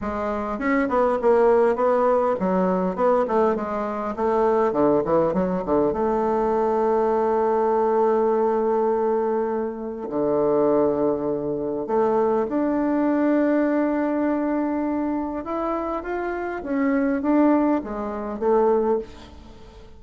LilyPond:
\new Staff \with { instrumentName = "bassoon" } { \time 4/4 \tempo 4 = 101 gis4 cis'8 b8 ais4 b4 | fis4 b8 a8 gis4 a4 | d8 e8 fis8 d8 a2~ | a1~ |
a4 d2. | a4 d'2.~ | d'2 e'4 f'4 | cis'4 d'4 gis4 a4 | }